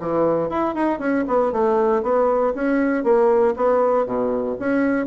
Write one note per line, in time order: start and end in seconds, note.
0.00 0.50 E3
0.50 0.75 E4
0.75 0.99 D#4
0.99 1.25 C#4
1.28 1.52 B3
1.52 2.03 A3
2.03 2.54 B3
2.55 3.04 C#4
3.04 3.55 A#3
3.56 4.06 B3
4.06 4.57 B2
4.60 5.07 C#4